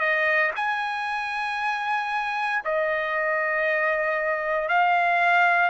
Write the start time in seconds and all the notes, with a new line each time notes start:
0.00 D#5
0.56 G#5
2.65 D#5
4.69 F5